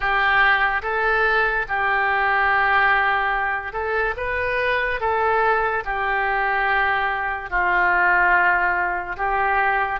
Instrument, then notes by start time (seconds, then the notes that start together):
oboe
0.00 G4
0.82 A4
1.68 G4
3.72 A4
4.17 B4
5.00 A4
5.84 G4
7.50 F4
9.17 G4